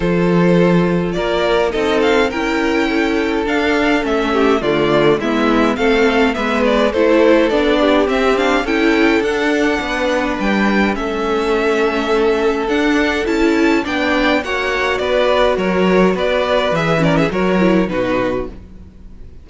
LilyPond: <<
  \new Staff \with { instrumentName = "violin" } { \time 4/4 \tempo 4 = 104 c''2 d''4 dis''8 f''8 | g''2 f''4 e''4 | d''4 e''4 f''4 e''8 d''8 | c''4 d''4 e''8 f''8 g''4 |
fis''2 g''4 e''4~ | e''2 fis''4 a''4 | g''4 fis''4 d''4 cis''4 | d''4 e''8 d''16 e''16 cis''4 b'4 | }
  \new Staff \with { instrumentName = "violin" } { \time 4/4 a'2 ais'4 a'4 | ais'4 a'2~ a'8 g'8 | f'4 e'4 a'4 b'4 | a'4. g'4. a'4~ |
a'4 b'2 a'4~ | a'1 | d''4 cis''4 b'4 ais'4 | b'4. ais'16 gis'16 ais'4 fis'4 | }
  \new Staff \with { instrumentName = "viola" } { \time 4/4 f'2. dis'4 | e'2 d'4 cis'4 | a4 b4 c'4 b4 | e'4 d'4 c'8 d'8 e'4 |
d'2. cis'4~ | cis'2 d'4 e'4 | d'4 fis'2.~ | fis'4 gis'8 cis'8 fis'8 e'8 dis'4 | }
  \new Staff \with { instrumentName = "cello" } { \time 4/4 f2 ais4 c'4 | cis'2 d'4 a4 | d4 gis4 a4 gis4 | a4 b4 c'4 cis'4 |
d'4 b4 g4 a4~ | a2 d'4 cis'4 | b4 ais4 b4 fis4 | b4 e4 fis4 b,4 | }
>>